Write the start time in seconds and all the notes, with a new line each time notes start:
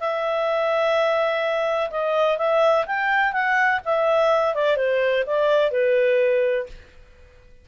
0.00 E5
1.91 D#5
2.38 E5
2.86 G5
3.33 F#5
3.85 E5
4.55 D5
4.77 C5
5.26 D5
5.71 B4